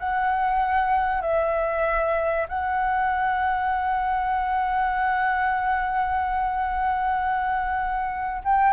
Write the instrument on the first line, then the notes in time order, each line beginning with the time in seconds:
flute
0.00 F#5
1.22 E5
2.49 F#5
8.45 G5